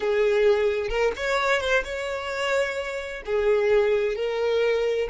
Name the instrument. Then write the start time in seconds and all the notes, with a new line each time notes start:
violin
0.00 G#4
0.89 A#4
1.16 C#5
1.60 C5
1.83 C#5
3.25 G#4
4.15 A#4